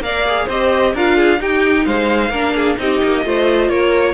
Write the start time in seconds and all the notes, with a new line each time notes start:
0.00 A#3 A#4 D5 F5
0.27 G#4
0.45 C4 G4 C5 D#5
0.94 D4 F4 A#4 F5
1.17 G#4
1.38 D#4 G4 G5
1.85 G#3 C5 F5
2.29 A#3 D4 A#4
2.55 G#4
2.77 C4 D#4 G4 D#5
3.03 A#3
3.24 A3 F4 C5
3.69 A#3 A#4 C#5